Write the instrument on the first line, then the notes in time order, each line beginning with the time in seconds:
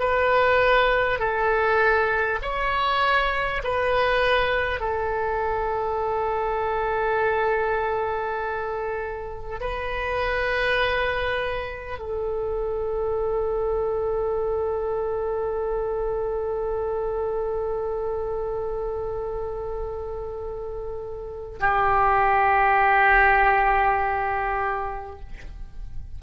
oboe
0.00 B4
1.19 A4
2.42 C#5
3.64 B4
4.80 A4
9.61 B4
11.99 A4
21.60 G4